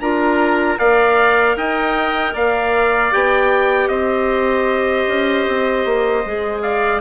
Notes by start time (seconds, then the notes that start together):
0.00 D4 F4 A#4 A#5
0.79 A#3 A#4 D5 F5
1.56 D#4 D#5 G5
2.34 A#3 D5 F5
3.12 B3 G4 G5
3.89 C4 C5 D#5
5.08 C#4
5.49 C4
5.86 A#3
6.26 G#3 G#4
6.62 D5 F5